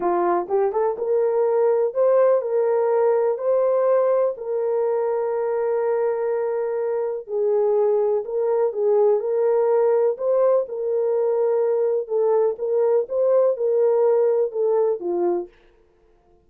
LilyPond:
\new Staff \with { instrumentName = "horn" } { \time 4/4 \tempo 4 = 124 f'4 g'8 a'8 ais'2 | c''4 ais'2 c''4~ | c''4 ais'2.~ | ais'2. gis'4~ |
gis'4 ais'4 gis'4 ais'4~ | ais'4 c''4 ais'2~ | ais'4 a'4 ais'4 c''4 | ais'2 a'4 f'4 | }